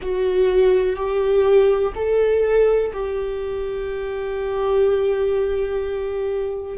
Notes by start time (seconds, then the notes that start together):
0.01 F#4
0.95 G4
1.95 A4
2.93 G4